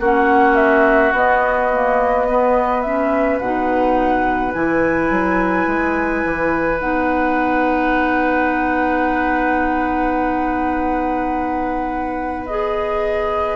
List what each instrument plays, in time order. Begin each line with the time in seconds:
0.00 bassoon A#3, clarinet C#4, oboe F#4, flute F#5
0.56 flute E5
1.12 bassoon B3, clarinet B3, flute D#5
1.73 clarinet A#3
2.29 clarinet B3, oboe B4
2.82 clarinet C#4, flute E5
3.40 bassoon B2, clarinet D#4, flute F#5
4.54 bassoon E3, clarinet E4, flute G#5
5.11 bassoon F#3
5.67 bassoon G#3
6.25 bassoon E3
6.80 bassoon B3, clarinet D#4, flute F#5
12.47 clarinet G#4, flute D#5